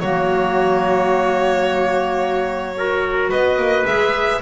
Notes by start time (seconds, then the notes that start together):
0.00 F#3 A#3 F#4 C#5
2.76 F#4 A#4
3.30 B3 B4 D#5
3.57 A#3
3.86 G#3 G#4 E5